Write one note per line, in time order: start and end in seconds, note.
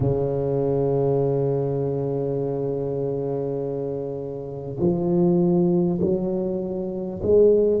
0.00 4.77 C#3
4.79 5.99 F3
6.01 7.21 F#3
7.23 7.80 G#3